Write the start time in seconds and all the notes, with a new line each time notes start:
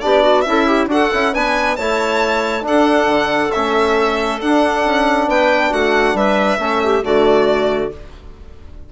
0.00 B3 D4 G4 D5
0.21 F#4
0.41 C#4 E4 E5
0.49 A4
0.66 G4
0.86 D4 F#4 A4 F#5
1.13 C#4 E4
1.33 B3 D4 B4 G#5
1.76 A3 E4 C#5 A5
2.61 D4 A4
2.67 F#5
3.06 D3
3.51 A3 C#4 E5
4.41 D4 F#5
4.85 C#4
5.27 B3 B4 G5
5.70 A3 F#4 F#5
6.13 G3 B4 E5
6.58 A3 C#4 A4
6.83 G4
7.02 D3 A3 F#4 D5